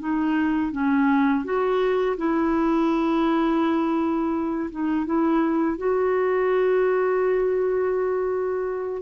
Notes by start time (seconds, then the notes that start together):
0.00 D#4
0.72 C#4
1.45 F#4
2.17 E4
4.71 D#4
5.06 E4
5.78 F#4